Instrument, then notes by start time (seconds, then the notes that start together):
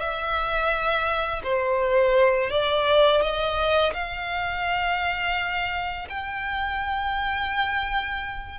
violin
0.00 E5
1.44 C5
2.51 D5
3.22 D#5
3.94 F5
6.10 G5